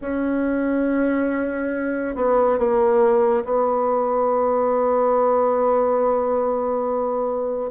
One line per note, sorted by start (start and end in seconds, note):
0.01 2.15 C#4
2.15 2.58 B3
2.58 3.44 A#3
3.44 7.71 B3